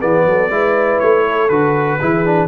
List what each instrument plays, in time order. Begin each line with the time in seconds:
0.00 tuba E3, trombone B3, horn G#4, trumpet D5
0.26 tuba F#3, horn A4
0.51 tuba G#3, trombone E4, horn B4
1.00 tuba A3, trumpet C#5
1.25 horn A4
1.49 tuba D3, trombone F#4, trumpet B4
2.00 tuba E3, trombone E4, horn G#4
2.26 trombone D4